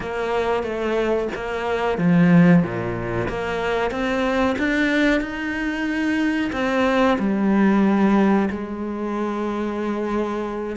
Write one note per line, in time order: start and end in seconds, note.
0.00 0.63 A#3
0.63 1.28 A3
1.35 1.97 A#3
1.97 2.62 F3
2.62 3.28 A#2
3.28 3.90 A#3
3.90 4.55 C4
4.58 5.21 D4
5.21 6.51 D#4
6.52 7.17 C4
7.18 8.49 G3
8.50 10.76 G#3